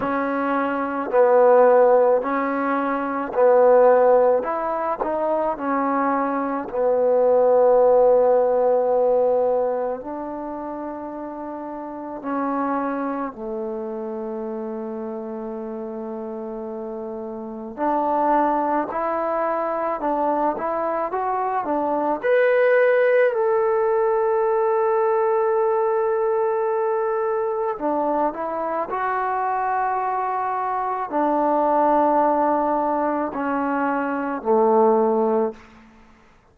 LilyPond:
\new Staff \with { instrumentName = "trombone" } { \time 4/4 \tempo 4 = 54 cis'4 b4 cis'4 b4 | e'8 dis'8 cis'4 b2~ | b4 d'2 cis'4 | a1 |
d'4 e'4 d'8 e'8 fis'8 d'8 | b'4 a'2.~ | a'4 d'8 e'8 fis'2 | d'2 cis'4 a4 | }